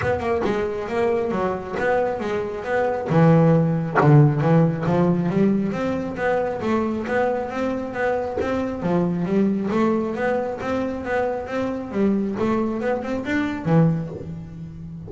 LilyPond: \new Staff \with { instrumentName = "double bass" } { \time 4/4 \tempo 4 = 136 b8 ais8 gis4 ais4 fis4 | b4 gis4 b4 e4~ | e4 d4 e4 f4 | g4 c'4 b4 a4 |
b4 c'4 b4 c'4 | f4 g4 a4 b4 | c'4 b4 c'4 g4 | a4 b8 c'8 d'4 e4 | }